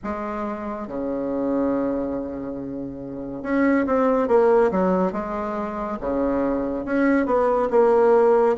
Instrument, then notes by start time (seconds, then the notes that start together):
bassoon
0.03 G#3
0.87 C#3
3.42 C#4
3.86 C4
4.28 A#3
4.71 F#3
5.12 G#3
6.00 C#3
6.85 C#4
7.26 B3
7.70 A#3